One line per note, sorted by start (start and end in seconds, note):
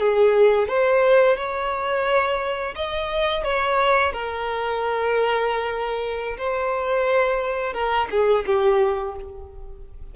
0.00 0.69 G#4
0.69 1.37 C5
1.37 2.75 C#5
2.76 3.44 D#5
3.44 4.13 C#5
4.13 6.37 A#4
6.38 7.74 C5
7.74 8.08 A#4
8.11 8.45 G#4
8.47 9.16 G4